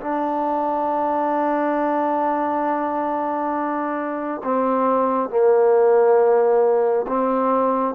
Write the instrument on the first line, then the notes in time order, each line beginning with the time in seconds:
trombone
0.00 D4
4.43 C4
5.29 A#3
7.07 C4